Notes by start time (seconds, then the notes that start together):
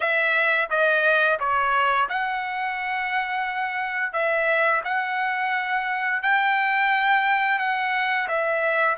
0.00 E5
0.70 D#5
1.39 C#5
2.09 F#5
4.12 E5
4.84 F#5
6.22 G5
7.58 F#5
8.28 E5